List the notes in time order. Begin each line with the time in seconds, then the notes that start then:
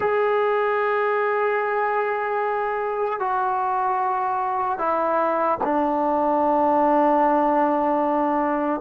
0.00 G#4
3.19 F#4
4.78 E4
5.64 D4